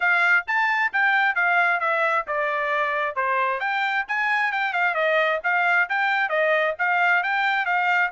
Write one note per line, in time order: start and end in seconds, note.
0.00 0.45 F5
0.47 0.92 A5
0.92 1.35 G5
1.35 1.79 F5
1.79 2.25 E5
2.27 3.15 D5
3.15 3.60 C5
3.60 4.05 G5
4.07 4.52 G#5
4.52 4.73 G5
4.73 4.94 F5
4.94 5.39 D#5
5.43 5.88 F5
5.89 6.29 G5
6.29 6.74 D#5
6.79 7.23 F5
7.23 7.65 G5
7.65 8.10 F5